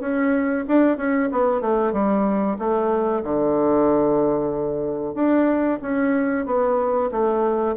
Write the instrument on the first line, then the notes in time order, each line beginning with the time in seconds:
bassoon
0.00 C#4
0.67 D4
0.97 C#4
1.31 B3
1.60 A3
1.92 G3
2.58 A3
3.23 D3
5.14 D4
5.82 C#4
6.45 B3
7.11 A3